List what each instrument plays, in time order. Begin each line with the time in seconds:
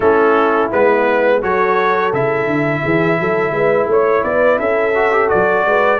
0.00 tuba A3, trombone C#4, horn E4, trumpet A4
0.71 tuba G#3, trombone B3, trumpet B4
1.42 tuba F#3, trombone F#4, horn A4, trumpet C#5
2.12 tuba C#3, trombone E4, trumpet E5
2.46 tuba D3
2.82 tuba E3, horn G#4
3.19 tuba F#3, horn A4
3.51 tuba G#3, horn B4
3.87 tuba A3, horn C#5, trumpet C#5
4.23 tuba B3, horn B4, trumpet D5
4.59 tuba C#4, horn A4, trumpet E5
4.94 trombone F#4
5.11 trombone G4
5.28 tuba F#3, trombone F#4, trumpet D5
5.65 tuba G#3, horn B4